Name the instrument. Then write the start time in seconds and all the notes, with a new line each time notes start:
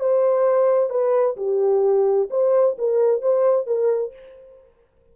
horn
0.00 C5
0.90 B4
1.37 G4
2.30 C5
2.78 A#4
3.22 C5
3.67 A#4